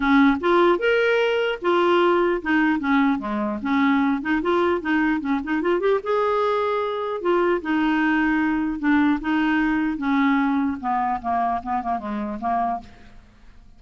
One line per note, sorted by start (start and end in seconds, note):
0.00 0.37 C#4
0.40 0.78 F4
0.78 1.58 A#4
1.61 2.41 F4
2.42 2.79 D#4
2.79 3.18 C#4
3.18 3.58 G#3
3.62 4.21 C#4
4.21 4.41 D#4
4.42 4.81 F4
4.81 5.20 D#4
5.20 5.40 C#4
5.43 5.61 D#4
5.61 5.80 F4
5.80 6.00 G4
6.03 7.21 G#4
7.21 7.61 F4
7.61 8.79 D#4
8.79 9.19 D4
9.20 9.97 D#4
9.97 10.77 C#4
10.80 11.20 B3
11.21 11.61 A#3
11.62 11.82 B3
11.82 11.99 A#3
11.99 12.39 G#3
12.39 12.79 A#3